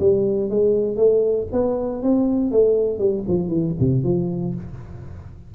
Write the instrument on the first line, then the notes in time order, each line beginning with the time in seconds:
tuba
0.00 G3
0.50 G#3
0.97 A3
1.52 B3
2.03 C4
2.52 A3
2.99 G3
3.28 F3
3.49 E3
3.80 C3
4.04 F3